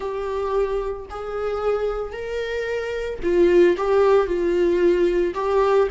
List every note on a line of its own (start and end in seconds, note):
0.00 1.06 G4
1.10 2.12 G#4
2.12 3.19 A#4
3.22 3.76 F4
3.77 4.26 G4
4.26 5.34 F4
5.34 5.88 G4